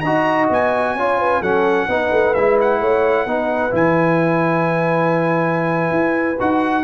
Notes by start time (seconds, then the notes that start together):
0.00 D#4 F#4 D#5 A#5
0.49 B3 G#5
0.94 C#4 F4 C#5
1.18 B4
1.40 F#3 C#4 A4 F#5
1.87 B3 D#4 B4
2.11 A3
2.34 G#3 E4 E5
2.60 F#5
2.80 A3 C#5
3.25 B3 D#4 B4
3.70 E3 E4 G#5
5.90 E4
6.39 D#4 F#4 F#5